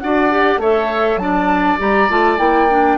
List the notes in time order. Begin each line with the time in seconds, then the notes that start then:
0.00 D4 F#4 D5 F#5
0.31 G4
0.57 A3 A4 C#5 E5
1.17 F#3 D4 A5
1.23 D5
1.79 G3 G4 A#5
2.10 A3 F4 A5
2.38 A#3 E4 G5
2.70 D4